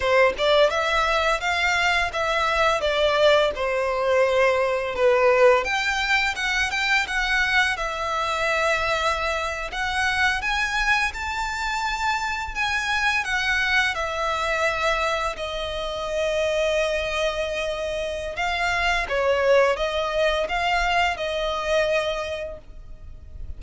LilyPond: \new Staff \with { instrumentName = "violin" } { \time 4/4 \tempo 4 = 85 c''8 d''8 e''4 f''4 e''4 | d''4 c''2 b'4 | g''4 fis''8 g''8 fis''4 e''4~ | e''4.~ e''16 fis''4 gis''4 a''16~ |
a''4.~ a''16 gis''4 fis''4 e''16~ | e''4.~ e''16 dis''2~ dis''16~ | dis''2 f''4 cis''4 | dis''4 f''4 dis''2 | }